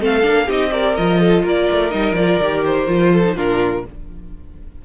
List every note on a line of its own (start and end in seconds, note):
0.00 0.24 A3
0.00 0.22 C4
0.00 0.46 A4
0.00 0.50 F5
0.22 0.48 A#3
0.22 0.46 D4
0.46 0.97 C4
0.46 0.70 D#4
0.46 0.70 G4
0.46 0.72 D#5
0.70 0.94 G4
0.70 1.20 A#4
0.70 0.96 D5
0.96 1.44 F3
0.96 1.91 F4
0.96 1.44 D#5
1.20 1.44 A4
1.44 1.68 A#3
1.44 3.12 A#4
1.44 1.91 D5
1.71 1.93 A3
1.91 2.12 G3
1.91 2.15 D#4
1.91 2.15 D#5
2.12 2.36 F3
2.12 2.42 F4
2.12 2.63 D5
2.39 2.87 D#3
2.39 2.88 G4
2.65 3.37 C5
2.87 3.35 F3
2.87 3.24 F4
3.12 3.36 A4
3.24 3.35 D#4
3.35 3.84 A#2
3.35 3.83 D4
3.35 3.84 F4
3.35 3.85 A#4